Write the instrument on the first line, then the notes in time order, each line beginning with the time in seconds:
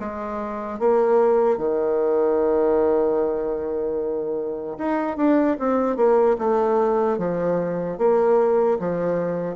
bassoon
0.00 G#3
0.80 A#3
1.58 D#3
4.79 D#4
5.17 D4
5.60 C4
5.97 A#3
6.39 A3
7.19 F3
7.99 A#3
8.80 F3